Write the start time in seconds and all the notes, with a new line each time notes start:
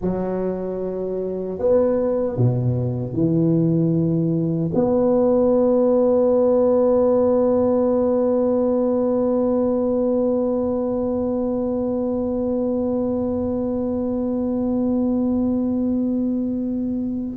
0.01 F#3
1.58 B3
2.36 B2
3.13 E3
4.74 B3